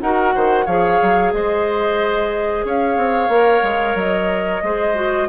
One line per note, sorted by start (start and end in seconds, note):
0.00 0.34 D#4
0.00 0.67 F#4
0.00 0.34 A#4
0.00 0.66 F#5
0.34 0.66 D#3
0.34 0.65 C5
0.65 0.99 F3
0.65 3.31 G#4
0.65 1.31 C#5
0.65 1.32 F5
1.02 1.32 F#3
1.32 2.64 G#3
1.32 2.65 C5
1.32 2.65 D#5
2.64 2.96 C#4
2.64 4.63 C#5
2.64 3.98 F5
2.96 3.28 C4
3.28 3.61 A#3
3.28 4.63 A#4
3.62 3.95 G#3
3.95 4.60 F#3
3.95 5.28 D#5
4.62 5.28 G#3
4.62 4.94 G#4
4.62 5.28 C5
4.94 5.27 F#4